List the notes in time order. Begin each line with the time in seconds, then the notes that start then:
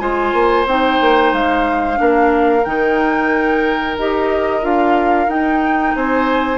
0.00 G#3 F4 C5 G#5
0.34 A#3
0.66 C4 D#4 G5
1.02 A#3
1.33 G#3 F5
1.96 A#3 D4 A#4
2.65 D#3 D#4 G5
3.98 D#4 G4 D#5
4.62 D4 F4 F5
5.28 D#4 G5
5.96 C4 C5 G#5